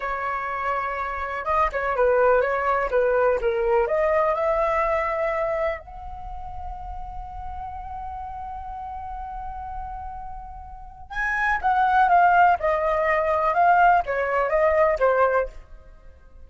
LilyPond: \new Staff \with { instrumentName = "flute" } { \time 4/4 \tempo 4 = 124 cis''2. dis''8 cis''8 | b'4 cis''4 b'4 ais'4 | dis''4 e''2. | fis''1~ |
fis''1~ | fis''2. gis''4 | fis''4 f''4 dis''2 | f''4 cis''4 dis''4 c''4 | }